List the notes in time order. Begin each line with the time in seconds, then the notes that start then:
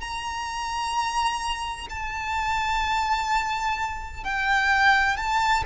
0.00 A#5
1.89 A5
4.24 G5
5.16 A5